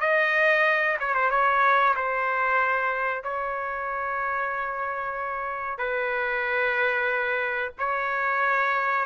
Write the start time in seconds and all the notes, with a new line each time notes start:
0.00 D#5
0.99 C#5
1.14 C5
1.30 C#5
1.96 C5
3.23 C#5
5.78 B4
7.79 C#5